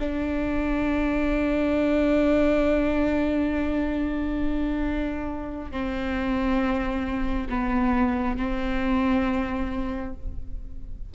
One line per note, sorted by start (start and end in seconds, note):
0.00 5.72 D4
5.72 7.48 C4
7.50 8.37 B3
8.37 10.14 C4